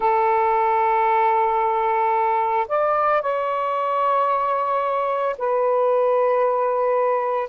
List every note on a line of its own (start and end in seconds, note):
0.00 2.66 A4
2.68 3.21 D5
3.21 5.36 C#5
5.38 7.49 B4